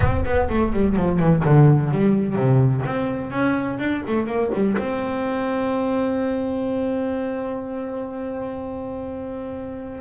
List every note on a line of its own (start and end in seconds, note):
0.00 0.24 C4
0.25 0.48 B3
0.49 0.73 A3
0.73 0.96 G3
0.96 1.19 F3
1.19 1.43 E3
1.45 1.91 D3
1.91 2.35 G3
2.35 2.83 C3
2.85 3.30 C4
3.30 3.78 C#4
3.79 4.02 D4
4.07 4.26 A3
4.26 4.50 A#3
4.54 4.77 G3
4.78 10.00 C4